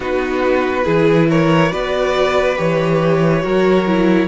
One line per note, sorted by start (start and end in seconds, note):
0.00 0.85 B3
0.00 0.84 D#4
0.00 0.84 F#4
0.00 1.29 B4
0.84 1.72 E3
0.84 1.69 E4
0.84 1.27 G#4
1.29 1.71 A#4
1.29 1.72 C#5
1.69 2.58 B3
1.69 2.55 F#4
1.69 3.42 B4
1.69 2.57 D5
2.56 3.44 E3
2.56 3.41 G4
2.56 4.28 C#5
3.42 4.28 F#3
3.42 3.84 F#4
3.42 4.28 A#4
3.86 4.28 E4